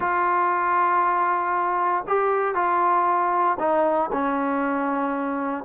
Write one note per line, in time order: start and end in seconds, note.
0.00 2.04 F4
2.07 2.55 G4
2.55 3.57 F4
3.59 4.10 D#4
4.12 5.64 C#4